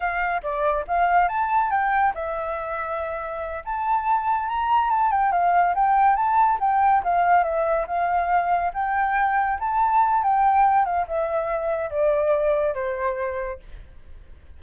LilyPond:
\new Staff \with { instrumentName = "flute" } { \time 4/4 \tempo 4 = 141 f''4 d''4 f''4 a''4 | g''4 e''2.~ | e''8 a''2 ais''4 a''8 | g''8 f''4 g''4 a''4 g''8~ |
g''8 f''4 e''4 f''4.~ | f''8 g''2 a''4. | g''4. f''8 e''2 | d''2 c''2 | }